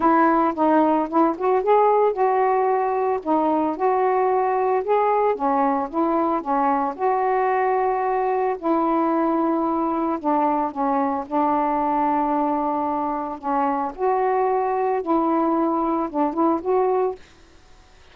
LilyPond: \new Staff \with { instrumentName = "saxophone" } { \time 4/4 \tempo 4 = 112 e'4 dis'4 e'8 fis'8 gis'4 | fis'2 dis'4 fis'4~ | fis'4 gis'4 cis'4 e'4 | cis'4 fis'2. |
e'2. d'4 | cis'4 d'2.~ | d'4 cis'4 fis'2 | e'2 d'8 e'8 fis'4 | }